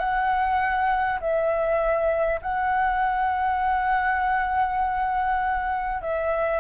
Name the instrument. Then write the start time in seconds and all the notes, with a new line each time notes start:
flute
0.00 F#5
1.21 E5
2.42 F#5
6.02 E5